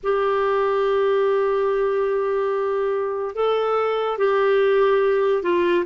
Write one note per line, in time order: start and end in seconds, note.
0.03 3.35 G4
3.35 4.17 A4
4.17 5.42 G4
5.42 5.84 F4